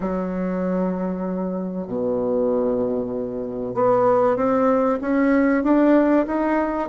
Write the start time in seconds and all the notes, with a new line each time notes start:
0.00 F#3
1.87 B2
3.74 B3
4.36 C4
5.01 C#4
5.63 D4
6.26 D#4